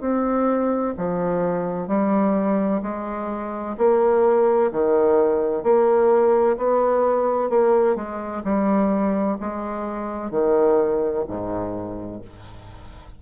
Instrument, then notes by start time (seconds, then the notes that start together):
bassoon
0.00 C4
0.97 F3
1.87 G3
2.82 G#3
3.77 A#3
4.71 D#3
5.63 A#3
6.57 B3
7.49 A#3
7.95 G#3
8.44 G3
9.40 G#3
10.30 D#3
11.27 G#2